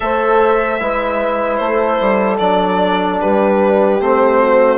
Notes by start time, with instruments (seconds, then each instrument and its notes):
0.00 bassoon A3, trombone A4, horn C5, violin E5
0.79 bassoon G#3, trombone E4, horn B4
1.56 bassoon A3, horn A4, violin C5
2.00 bassoon G3
2.38 bassoon F#3, trombone D4, violin D5
3.20 bassoon G3, horn G4, violin B4
4.00 bassoon A3, trombone C4, violin C5
4.40 horn F#4